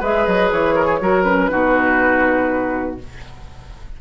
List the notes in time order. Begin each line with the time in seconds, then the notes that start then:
0.00 G#3 G#4 B4 E5
0.26 F#3 D#5
0.51 E3 C#5
0.75 A#4
0.85 G#4
1.00 F#3 F#4 A#4
1.23 C#4 B4
1.50 B2 D#4 F#4